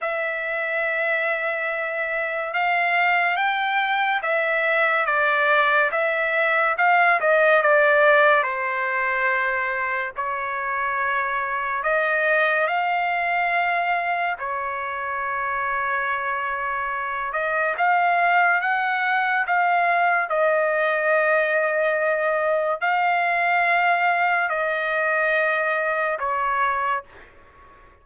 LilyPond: \new Staff \with { instrumentName = "trumpet" } { \time 4/4 \tempo 4 = 71 e''2. f''4 | g''4 e''4 d''4 e''4 | f''8 dis''8 d''4 c''2 | cis''2 dis''4 f''4~ |
f''4 cis''2.~ | cis''8 dis''8 f''4 fis''4 f''4 | dis''2. f''4~ | f''4 dis''2 cis''4 | }